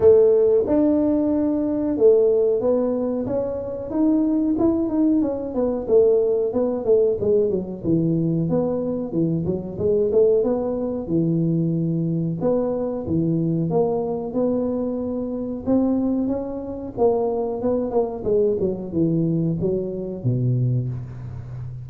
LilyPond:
\new Staff \with { instrumentName = "tuba" } { \time 4/4 \tempo 4 = 92 a4 d'2 a4 | b4 cis'4 dis'4 e'8 dis'8 | cis'8 b8 a4 b8 a8 gis8 fis8 | e4 b4 e8 fis8 gis8 a8 |
b4 e2 b4 | e4 ais4 b2 | c'4 cis'4 ais4 b8 ais8 | gis8 fis8 e4 fis4 b,4 | }